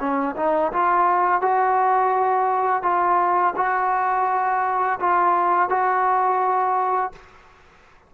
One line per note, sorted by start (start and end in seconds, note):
0.00 0.36 C#4
0.36 0.72 D#4
0.73 1.42 F4
1.42 2.83 F#4
2.83 3.54 F4
3.56 4.99 F#4
5.00 5.69 F4
5.69 7.12 F#4